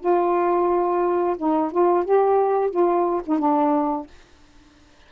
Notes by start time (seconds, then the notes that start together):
0.00 F4
1.37 D#4
1.71 F4
2.05 G4
2.70 F4
3.26 D#4
3.38 D4